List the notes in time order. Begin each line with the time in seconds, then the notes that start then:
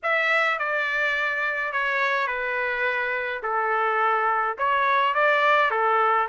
0.02 E5
0.58 D5
1.72 C#5
2.27 B4
3.43 A4
4.58 C#5
5.14 D5
5.70 A4